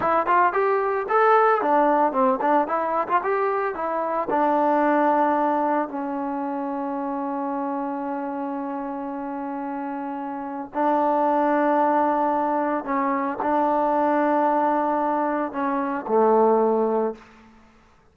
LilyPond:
\new Staff \with { instrumentName = "trombone" } { \time 4/4 \tempo 4 = 112 e'8 f'8 g'4 a'4 d'4 | c'8 d'8 e'8. f'16 g'4 e'4 | d'2. cis'4~ | cis'1~ |
cis'1 | d'1 | cis'4 d'2.~ | d'4 cis'4 a2 | }